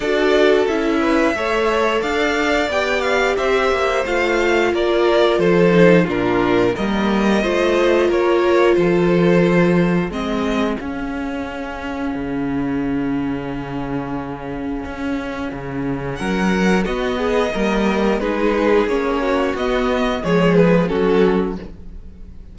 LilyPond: <<
  \new Staff \with { instrumentName = "violin" } { \time 4/4 \tempo 4 = 89 d''4 e''2 f''4 | g''8 f''8 e''4 f''4 d''4 | c''4 ais'4 dis''2 | cis''4 c''2 dis''4 |
f''1~ | f''1 | fis''4 dis''2 b'4 | cis''4 dis''4 cis''8 b'8 a'4 | }
  \new Staff \with { instrumentName = "violin" } { \time 4/4 a'4. b'8 cis''4 d''4~ | d''4 c''2 ais'4 | a'4 f'4 ais'4 c''4 | ais'4 a'2 gis'4~ |
gis'1~ | gis'1 | ais'4 fis'8 gis'8 ais'4 gis'4~ | gis'8 fis'4. gis'4 fis'4 | }
  \new Staff \with { instrumentName = "viola" } { \time 4/4 fis'4 e'4 a'2 | g'2 f'2~ | f'8 dis'8 d'4 ais4 f'4~ | f'2. c'4 |
cis'1~ | cis'1~ | cis'4 b4 ais4 dis'4 | cis'4 b4 gis4 cis'4 | }
  \new Staff \with { instrumentName = "cello" } { \time 4/4 d'4 cis'4 a4 d'4 | b4 c'8 ais8 a4 ais4 | f4 ais,4 g4 a4 | ais4 f2 gis4 |
cis'2 cis2~ | cis2 cis'4 cis4 | fis4 b4 g4 gis4 | ais4 b4 f4 fis4 | }
>>